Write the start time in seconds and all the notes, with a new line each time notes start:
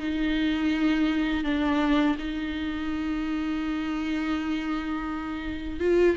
0.00 D#4
1.44 D4
2.19 D#4
5.80 F4